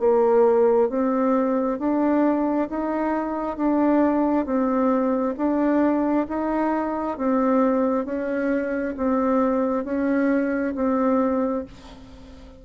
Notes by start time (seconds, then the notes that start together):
0.00 A#3
0.90 C4
1.80 D4
2.70 D#4
3.57 D4
4.46 C4
5.38 D4
6.29 D#4
7.18 C4
8.06 C#4
8.98 C4
9.85 C#4
10.75 C4